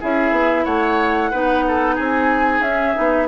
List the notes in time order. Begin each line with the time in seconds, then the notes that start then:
0.00 C#4 E4 G#4 E5
0.31 B3
0.64 A3 C#5 F#5
1.31 B3 D#4 B4
1.67 A4
1.95 C4 G#4 G#5
2.60 C#4 E5
2.66 C#4
2.94 B3 D#4